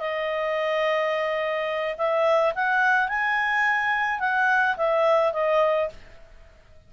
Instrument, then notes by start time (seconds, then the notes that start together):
clarinet
0.00 D#5
1.98 E5
2.55 F#5
3.09 G#5
4.20 F#5
4.77 E5
5.33 D#5